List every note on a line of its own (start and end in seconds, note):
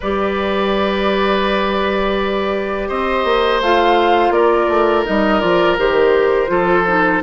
0.00 2.89 G3
0.00 3.63 G4
0.00 2.88 B4
0.00 2.88 D5
2.88 3.24 C4
2.88 4.32 C5
2.88 3.61 D#5
3.24 3.60 A#3
3.60 4.30 A3
3.60 5.04 F4
3.60 4.31 F5
4.30 4.66 A#3
4.30 6.50 A#4
4.30 5.04 D5
4.67 5.04 A3
5.04 5.42 G3
5.04 5.40 D#4
5.04 5.39 D#5
5.39 5.78 F3
5.39 5.76 F4
5.39 5.76 D5
5.78 6.49 D#3
5.78 6.47 G4
5.78 7.22 C5
6.47 7.21 F3
6.47 6.83 F4
6.47 7.22 A4
6.87 7.22 D#4